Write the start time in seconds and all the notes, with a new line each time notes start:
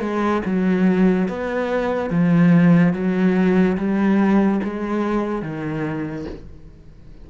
0.00 G#3
0.45 F#3
1.28 B3
2.10 F3
2.93 F#3
3.77 G3
4.64 G#3
5.42 D#3